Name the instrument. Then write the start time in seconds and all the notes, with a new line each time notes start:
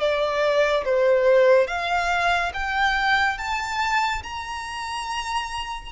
violin
0.00 D5
0.85 C5
1.67 F5
2.54 G5
3.38 A5
4.23 A#5